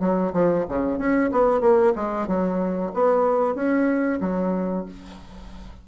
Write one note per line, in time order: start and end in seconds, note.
0.00 0.32 F#3
0.33 0.66 F3
0.69 0.99 C#3
0.99 1.31 C#4
1.32 1.61 B3
1.61 1.93 A#3
1.96 2.28 G#3
2.28 2.92 F#3
2.94 3.55 B3
3.55 4.20 C#4
4.21 4.86 F#3